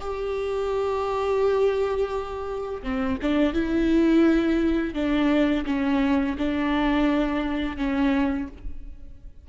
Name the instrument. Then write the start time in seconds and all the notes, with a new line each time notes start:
viola
0.00 G4
2.83 C4
3.22 D4
3.53 E4
4.94 D4
5.66 C#4
6.38 D4
7.77 C#4